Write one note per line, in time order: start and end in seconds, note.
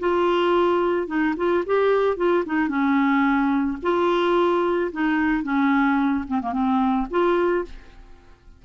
0.00 1.07 F4
1.07 1.35 D#4
1.37 1.64 F4
1.66 2.17 G4
2.17 2.44 F4
2.46 2.69 D#4
2.69 3.78 C#4
3.83 4.92 F4
4.92 5.43 D#4
5.43 6.25 C#4
6.28 6.41 C4
6.42 6.53 A#3
6.53 7.07 C4
7.11 7.65 F4